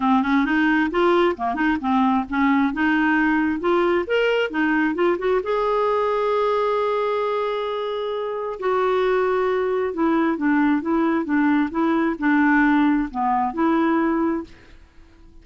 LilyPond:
\new Staff \with { instrumentName = "clarinet" } { \time 4/4 \tempo 4 = 133 c'8 cis'8 dis'4 f'4 ais8 dis'8 | c'4 cis'4 dis'2 | f'4 ais'4 dis'4 f'8 fis'8 | gis'1~ |
gis'2. fis'4~ | fis'2 e'4 d'4 | e'4 d'4 e'4 d'4~ | d'4 b4 e'2 | }